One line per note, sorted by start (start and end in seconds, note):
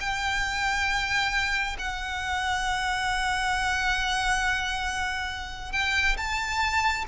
0.00 1.76 G5
1.79 5.72 F#5
5.72 6.16 G5
6.17 7.05 A5